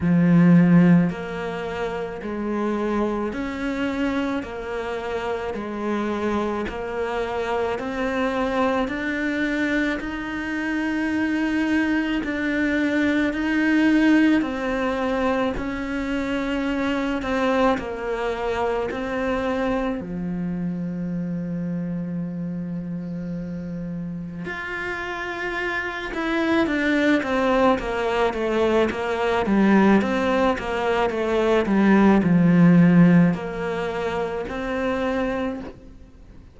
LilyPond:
\new Staff \with { instrumentName = "cello" } { \time 4/4 \tempo 4 = 54 f4 ais4 gis4 cis'4 | ais4 gis4 ais4 c'4 | d'4 dis'2 d'4 | dis'4 c'4 cis'4. c'8 |
ais4 c'4 f2~ | f2 f'4. e'8 | d'8 c'8 ais8 a8 ais8 g8 c'8 ais8 | a8 g8 f4 ais4 c'4 | }